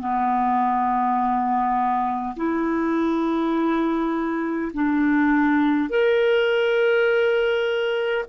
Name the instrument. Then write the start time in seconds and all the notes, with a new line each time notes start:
clarinet
0.00 B3
2.36 E4
4.73 D4
5.90 A#4